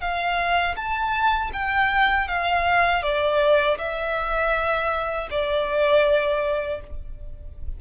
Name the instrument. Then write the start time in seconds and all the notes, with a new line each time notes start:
violin
0.00 F5
0.76 A5
1.53 G5
2.27 F5
3.02 D5
3.78 E5
5.30 D5